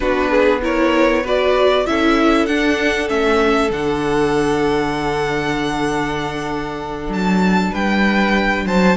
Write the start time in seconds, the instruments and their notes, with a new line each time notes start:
0.00 cello B3, viola D4, violin F#4 B4
0.30 violin G#4
0.61 viola E4, violin A#4 C#5
1.22 viola F#4, violin B4 D5
1.86 cello C#4, viola E4, violin A4 E5
2.46 cello D4, viola D4, violin F#5
3.08 cello A3, viola C#4, violin E5
3.70 cello D3, viola D4, violin F#5
7.08 cello F#3, violin A5
7.71 cello G3, violin B4 G5
8.65 cello F#3, violin C5 A5